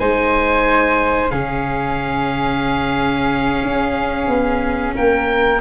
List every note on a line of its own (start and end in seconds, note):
0.00 1.32 G#3
0.00 1.30 D#4
0.00 1.32 C5
0.00 1.31 G#5
1.30 3.63 C#3
1.30 5.59 C#4
1.30 4.95 G#4
1.30 4.94 F5
3.63 4.28 C#4
4.28 4.94 B3
4.95 5.61 A#3
4.95 5.61 A#4
4.95 5.61 G5